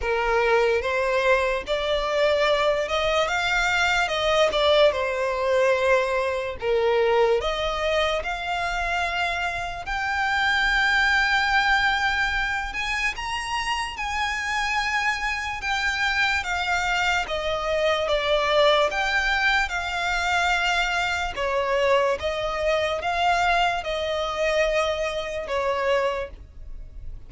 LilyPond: \new Staff \with { instrumentName = "violin" } { \time 4/4 \tempo 4 = 73 ais'4 c''4 d''4. dis''8 | f''4 dis''8 d''8 c''2 | ais'4 dis''4 f''2 | g''2.~ g''8 gis''8 |
ais''4 gis''2 g''4 | f''4 dis''4 d''4 g''4 | f''2 cis''4 dis''4 | f''4 dis''2 cis''4 | }